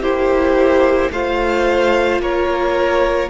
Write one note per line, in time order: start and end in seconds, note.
0.00 1.09 A#3
0.00 1.12 E4
0.00 1.11 G4
0.00 1.12 C5
1.11 2.20 A3
1.11 3.30 F4
1.11 2.21 C5
1.11 2.21 F5
2.20 3.29 A#3
2.20 3.30 A#4
2.20 3.30 C#5